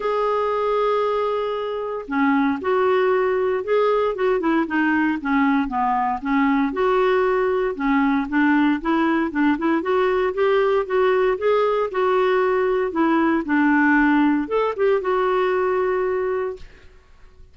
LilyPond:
\new Staff \with { instrumentName = "clarinet" } { \time 4/4 \tempo 4 = 116 gis'1 | cis'4 fis'2 gis'4 | fis'8 e'8 dis'4 cis'4 b4 | cis'4 fis'2 cis'4 |
d'4 e'4 d'8 e'8 fis'4 | g'4 fis'4 gis'4 fis'4~ | fis'4 e'4 d'2 | a'8 g'8 fis'2. | }